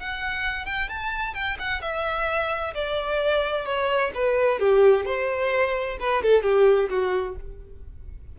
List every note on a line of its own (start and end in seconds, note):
0.00 0.66 F#5
0.66 0.89 G5
0.89 1.34 A5
1.34 1.58 G5
1.60 1.82 F#5
1.82 2.74 E5
2.75 3.66 D5
3.66 4.12 C#5
4.15 4.60 B4
4.60 5.06 G4
5.06 5.98 C5
6.00 6.23 B4
6.23 6.43 A4
6.43 6.89 G4
6.90 7.36 F#4